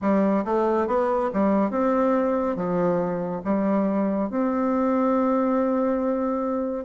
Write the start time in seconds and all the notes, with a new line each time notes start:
0.01 G3
0.44 A3
0.87 B3
1.33 G3
1.70 C4
2.56 F3
3.44 G3
4.29 C4